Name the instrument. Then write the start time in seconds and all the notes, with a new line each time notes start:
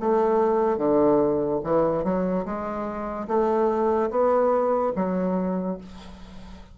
bassoon
0.00 A3
0.78 D3
1.64 E3
2.04 F#3
2.45 G#3
3.28 A3
4.10 B3
4.96 F#3